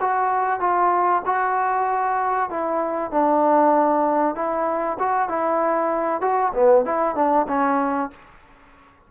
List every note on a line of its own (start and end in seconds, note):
0.00 0.60 F#4
0.60 1.22 F4
1.25 2.50 F#4
2.50 3.11 E4
3.11 4.35 D4
4.35 4.98 E4
4.99 5.28 F#4
5.28 6.21 E4
6.21 6.52 F#4
6.54 6.85 B3
6.85 7.15 E4
7.15 7.46 D4
7.48 8.10 C#4